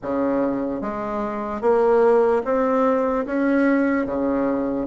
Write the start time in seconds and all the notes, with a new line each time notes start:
0.02 C#3
0.81 G#3
1.61 A#3
2.44 C4
3.25 C#4
4.05 C#3